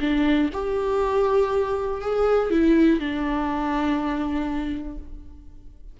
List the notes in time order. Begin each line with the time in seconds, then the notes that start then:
0.00 D4
0.53 G4
2.01 G#4
2.50 E4
2.99 D4